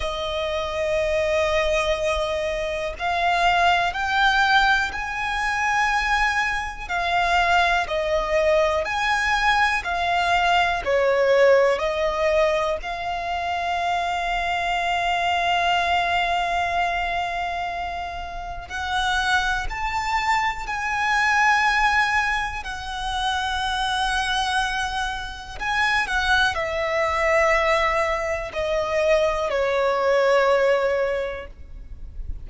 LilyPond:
\new Staff \with { instrumentName = "violin" } { \time 4/4 \tempo 4 = 61 dis''2. f''4 | g''4 gis''2 f''4 | dis''4 gis''4 f''4 cis''4 | dis''4 f''2.~ |
f''2. fis''4 | a''4 gis''2 fis''4~ | fis''2 gis''8 fis''8 e''4~ | e''4 dis''4 cis''2 | }